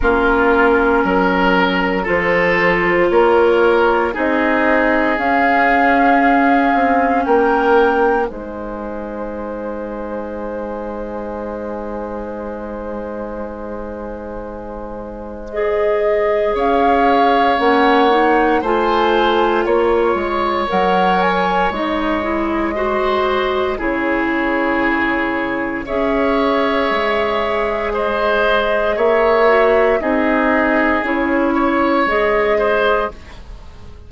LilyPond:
<<
  \new Staff \with { instrumentName = "flute" } { \time 4/4 \tempo 4 = 58 ais'2 c''4 cis''4 | dis''4 f''2 g''4 | gis''1~ | gis''2. dis''4 |
f''4 fis''4 gis''4 cis''4 | fis''8 gis''8 dis''2 cis''4~ | cis''4 e''2 dis''4 | e''4 dis''4 cis''4 dis''4 | }
  \new Staff \with { instrumentName = "oboe" } { \time 4/4 f'4 ais'4 a'4 ais'4 | gis'2. ais'4 | c''1~ | c''1 |
cis''2 c''4 cis''4~ | cis''2 c''4 gis'4~ | gis'4 cis''2 c''4 | cis''4 gis'4. cis''4 c''8 | }
  \new Staff \with { instrumentName = "clarinet" } { \time 4/4 cis'2 f'2 | dis'4 cis'2. | dis'1~ | dis'2. gis'4~ |
gis'4 cis'8 dis'8 f'2 | ais'4 dis'8 e'8 fis'4 e'4~ | e'4 gis'2.~ | gis'8 fis'8 dis'4 e'4 gis'4 | }
  \new Staff \with { instrumentName = "bassoon" } { \time 4/4 ais4 fis4 f4 ais4 | c'4 cis'4. c'8 ais4 | gis1~ | gis1 |
cis'4 ais4 a4 ais8 gis8 | fis4 gis2 cis4~ | cis4 cis'4 gis2 | ais4 c'4 cis'4 gis4 | }
>>